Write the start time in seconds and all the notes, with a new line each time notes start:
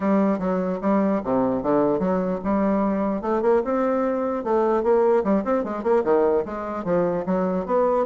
0.00 G3
0.38 F#3
0.81 G3
1.24 C3
1.62 D3
1.99 F#3
2.44 G3
3.21 A3
3.42 A#3
3.64 C4
4.44 A3
4.83 A#3
5.23 G3
5.44 C4
5.64 G#3
5.83 A#3
6.04 D#3
6.45 G#3
6.84 F3
7.26 F#3
7.66 B3